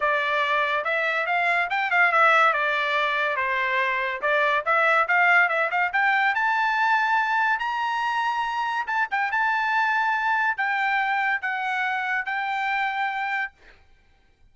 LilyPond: \new Staff \with { instrumentName = "trumpet" } { \time 4/4 \tempo 4 = 142 d''2 e''4 f''4 | g''8 f''8 e''4 d''2 | c''2 d''4 e''4 | f''4 e''8 f''8 g''4 a''4~ |
a''2 ais''2~ | ais''4 a''8 g''8 a''2~ | a''4 g''2 fis''4~ | fis''4 g''2. | }